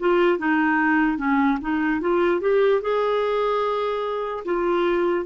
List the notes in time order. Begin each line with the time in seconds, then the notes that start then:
0.00 F4
0.39 D#4
1.18 C#4
1.61 D#4
2.01 F4
2.41 G4
2.82 G#4
4.45 F4